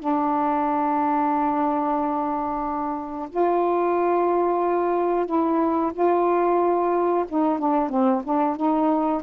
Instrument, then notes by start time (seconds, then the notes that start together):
saxophone
0.00 D4
3.30 F4
5.26 E4
5.94 F4
7.29 D#4
7.59 D4
7.90 C4
8.24 D4
8.57 D#4